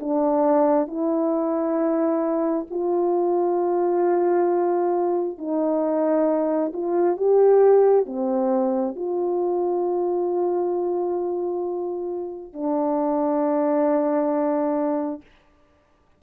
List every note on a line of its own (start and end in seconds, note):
0.00 0.87 D4
0.87 2.66 E4
2.70 5.38 F4
5.38 6.72 D#4
6.73 7.16 F4
7.16 8.06 G4
8.06 8.96 C4
8.96 12.53 F4
12.53 15.22 D4